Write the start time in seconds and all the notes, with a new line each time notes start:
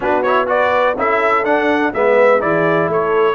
0.00 B3 D4 F#4 B4
0.22 E4 C#5
0.47 F#4 B4 D5
0.96 C#4 E4 A4 E5
1.44 D4 F#5
1.93 G#3 B3 B4 E5
2.39 E3 E4 G#4 D5
2.88 A3 A4 C#5